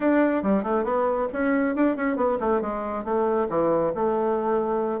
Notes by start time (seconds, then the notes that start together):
0.00 D4
0.42 G3
0.63 A3
0.84 B3
1.32 C#4
1.75 D4
1.96 C#4
2.16 B3
2.40 A3
2.61 G#3
3.04 A3
3.49 E3
3.94 A3